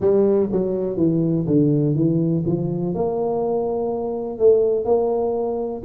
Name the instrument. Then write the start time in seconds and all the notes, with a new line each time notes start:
tuba
0.00 G3
0.51 F#3
0.96 E3
1.46 D3
1.95 E3
2.45 F3
2.94 A#3
4.38 A3
4.84 A#3